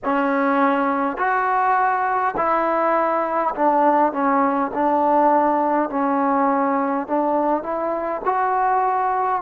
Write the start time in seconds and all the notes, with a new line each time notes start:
0.04 C#4
1.17 F#4
2.36 E4
3.55 D4
4.12 C#4
4.73 D4
5.89 C#4
7.07 D4
7.62 E4
8.24 F#4